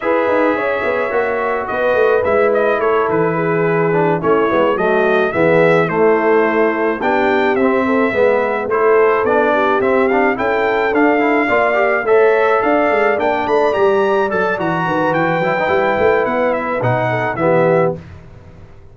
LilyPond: <<
  \new Staff \with { instrumentName = "trumpet" } { \time 4/4 \tempo 4 = 107 e''2. dis''4 | e''8 dis''8 cis''8 b'2 cis''8~ | cis''8 dis''4 e''4 c''4.~ | c''8 g''4 e''2 c''8~ |
c''8 d''4 e''8 f''8 g''4 f''8~ | f''4. e''4 f''4 g''8 | b''8 ais''4 a''8 ais''4 g''4~ | g''4 fis''8 e''8 fis''4 e''4 | }
  \new Staff \with { instrumentName = "horn" } { \time 4/4 b'4 cis''2 b'4~ | b'4 a'4 gis'4. e'8~ | e'8 fis'4 gis'4 e'4.~ | e'8 g'4. a'8 b'4 a'8~ |
a'4 g'4. a'4.~ | a'8 d''4 cis''4 d''4.~ | d''2~ d''8 b'4.~ | b'2~ b'8 a'8 g'4 | }
  \new Staff \with { instrumentName = "trombone" } { \time 4/4 gis'2 fis'2 | e'2. d'8 cis'8 | b8 a4 b4 a4.~ | a8 d'4 c'4 b4 e'8~ |
e'8 d'4 c'8 d'8 e'4 d'8 | e'8 f'8 g'8 a'2 d'8~ | d'8 g'4 a'8 fis'4. e'16 dis'16 | e'2 dis'4 b4 | }
  \new Staff \with { instrumentName = "tuba" } { \time 4/4 e'8 dis'8 cis'8 b8 ais4 b8 a8 | gis4 a8 e2 a8 | gis8 fis4 e4 a4.~ | a8 b4 c'4 gis4 a8~ |
a8 b4 c'4 cis'4 d'8~ | d'8 ais4 a4 d'8 gis8 ais8 | a8 g4 fis8 e8 dis8 e8 fis8 | g8 a8 b4 b,4 e4 | }
>>